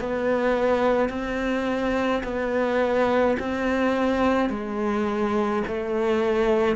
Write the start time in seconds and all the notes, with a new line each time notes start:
0.00 B3
1.09 C4
2.23 B3
3.39 C4
4.49 G#3
5.67 A3